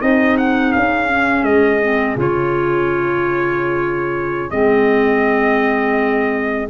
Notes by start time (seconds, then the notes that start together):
0.00 C4 D#4 G#4 D#5
0.37 F#5
0.72 C#4 F5
1.08 C#4
1.43 G#3 D#5
1.82 C4
2.16 C#3 F4 C#5
4.51 G#3 C4 D#5